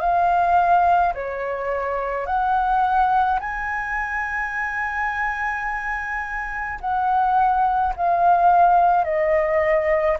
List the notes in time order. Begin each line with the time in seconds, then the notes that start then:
0.00 F5
1.14 C#5
2.26 F#5
3.40 G#5
6.81 F#5
7.96 F5
9.04 D#5